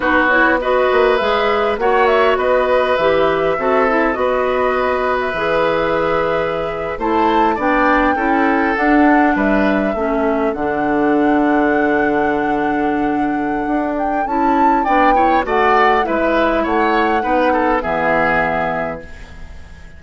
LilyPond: <<
  \new Staff \with { instrumentName = "flute" } { \time 4/4 \tempo 4 = 101 b'8 cis''8 dis''4 e''4 fis''8 e''8 | dis''4 e''2 dis''4~ | dis''8. e''2. a''16~ | a''8. g''2 fis''4 e''16~ |
e''4.~ e''16 fis''2~ fis''16~ | fis''2.~ fis''8 g''8 | a''4 g''4 fis''4 e''4 | fis''2 e''2 | }
  \new Staff \with { instrumentName = "oboe" } { \time 4/4 fis'4 b'2 cis''4 | b'2 a'4 b'4~ | b'2.~ b'8. c''16~ | c''8. d''4 a'2 b'16~ |
b'8. a'2.~ a'16~ | a'1~ | a'4 d''8 cis''8 d''4 b'4 | cis''4 b'8 a'8 gis'2 | }
  \new Staff \with { instrumentName = "clarinet" } { \time 4/4 dis'8 e'8 fis'4 gis'4 fis'4~ | fis'4 g'4 fis'8 e'8 fis'4~ | fis'4 gis'2~ gis'8. e'16~ | e'8. d'4 e'4 d'4~ d'16~ |
d'8. cis'4 d'2~ d'16~ | d'1 | e'4 d'8 e'8 fis'4 e'4~ | e'4 dis'4 b2 | }
  \new Staff \with { instrumentName = "bassoon" } { \time 4/4 b4. ais8 gis4 ais4 | b4 e4 c'4 b4~ | b4 e2~ e8. a16~ | a8. b4 cis'4 d'4 g16~ |
g8. a4 d2~ d16~ | d2. d'4 | cis'4 b4 a4 gis4 | a4 b4 e2 | }
>>